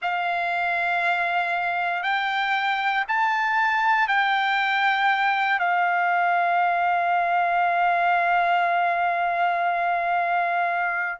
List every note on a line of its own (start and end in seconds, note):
0.02 2.02 F5
2.02 3.04 G5
3.07 4.07 A5
4.07 5.59 G5
5.59 11.18 F5